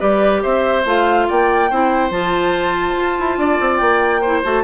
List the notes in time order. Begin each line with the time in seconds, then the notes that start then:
0.00 G3 G4 B4 D5
0.43 C4 C5 E5
0.86 A3 F4 F5
1.28 A#3 D5 G5
1.71 C4 E4 C5
2.11 F3 F4 A5
2.97 F4
3.20 E4
3.38 D4 D5
3.61 C4
3.78 A#3 G5
4.21 E4 C5
4.44 A3 F#4 A5